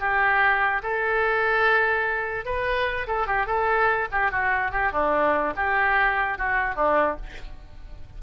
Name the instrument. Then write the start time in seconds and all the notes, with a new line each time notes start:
oboe
0.00 G4
0.83 A4
2.45 B4
3.07 A4
3.27 G4
3.47 A4
4.12 G4
4.32 F#4
4.72 G4
4.92 D4
5.56 G4
6.38 F#4
6.76 D4